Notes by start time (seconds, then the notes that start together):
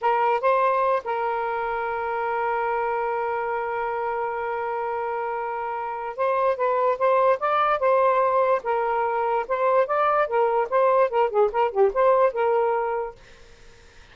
0.01 A#4
0.41 C5
1.04 A#4
6.16 C5
6.57 B4
6.98 C5
7.39 D5
7.79 C5
8.63 A#4
9.47 C5
9.86 D5
10.27 A#4
10.69 C5
11.09 A#4
11.29 G#4
11.52 A#4
11.71 G4
11.93 C5
12.33 A#4